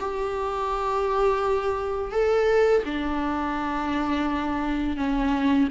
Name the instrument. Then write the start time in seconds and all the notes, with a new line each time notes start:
viola
0.00 G4
2.12 A4
2.86 D4
4.97 C#4